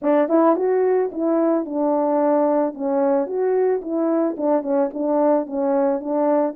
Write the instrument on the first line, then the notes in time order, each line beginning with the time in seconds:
horn
0.01 D4
0.29 E4
0.56 F#4
1.12 E4
1.65 D4
2.73 C#4
3.26 F#4
3.81 E4
4.37 D4
4.62 C#4
4.93 D4
5.46 C#4
6.00 D4